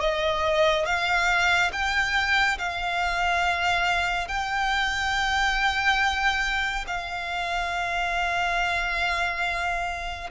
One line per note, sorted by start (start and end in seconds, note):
0.00 0.85 D#5
0.85 1.71 F5
1.72 2.58 G5
2.58 4.28 F5
4.28 6.85 G5
6.87 10.30 F5